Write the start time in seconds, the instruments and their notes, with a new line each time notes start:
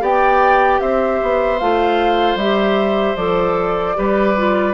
0.00 bassoon B3, clarinet G4, oboe D5, flute G5
0.80 bassoon C4, oboe C5, flute E5
1.22 bassoon B3
1.58 bassoon A3, clarinet F4, flute F5
2.35 bassoon G3, clarinet G4, flute E5
3.15 bassoon F3, clarinet A4, flute D5
3.95 bassoon G3, clarinet G4, oboe B4
4.37 clarinet F4